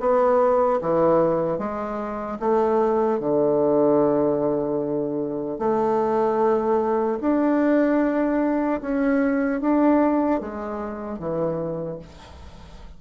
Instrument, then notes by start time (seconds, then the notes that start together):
bassoon
0.00 B3
0.81 E3
1.59 G#3
2.39 A3
3.20 D3
5.59 A3
7.21 D4
8.81 C#4
9.61 D4
10.40 G#3
11.19 E3